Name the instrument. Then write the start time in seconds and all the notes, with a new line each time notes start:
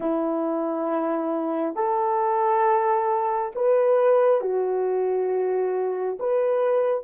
horn
0.00 E4
1.74 A4
3.55 B4
4.41 F#4
6.19 B4